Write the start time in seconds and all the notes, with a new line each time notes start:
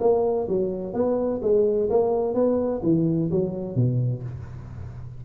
0.00 A#3
0.48 F#3
0.93 B3
1.42 G#3
1.90 A#3
2.34 B3
2.83 E3
3.31 F#3
3.75 B2